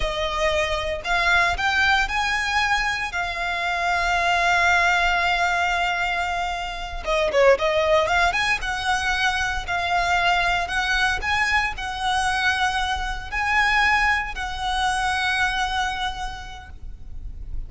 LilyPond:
\new Staff \with { instrumentName = "violin" } { \time 4/4 \tempo 4 = 115 dis''2 f''4 g''4 | gis''2 f''2~ | f''1~ | f''4. dis''8 cis''8 dis''4 f''8 |
gis''8 fis''2 f''4.~ | f''8 fis''4 gis''4 fis''4.~ | fis''4. gis''2 fis''8~ | fis''1 | }